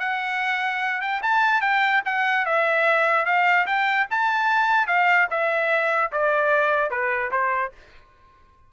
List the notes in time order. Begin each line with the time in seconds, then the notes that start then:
0.00 F#5
1.01 G5
1.22 A5
1.62 G5
2.05 F#5
2.46 E5
3.26 F5
3.67 G5
4.10 A5
4.87 F5
5.31 E5
6.12 D5
6.91 B4
7.32 C5